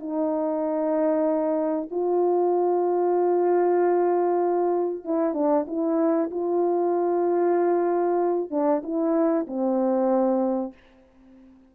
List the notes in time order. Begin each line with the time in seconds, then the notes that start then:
0.00 D#4
1.91 F4
5.05 E4
5.34 D4
5.68 E4
6.31 F4
8.51 D4
8.84 E4
9.48 C4